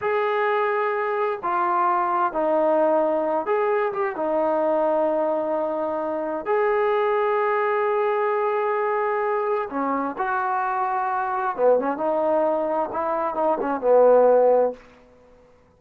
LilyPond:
\new Staff \with { instrumentName = "trombone" } { \time 4/4 \tempo 4 = 130 gis'2. f'4~ | f'4 dis'2~ dis'8 gis'8~ | gis'8 g'8 dis'2.~ | dis'2 gis'2~ |
gis'1~ | gis'4 cis'4 fis'2~ | fis'4 b8 cis'8 dis'2 | e'4 dis'8 cis'8 b2 | }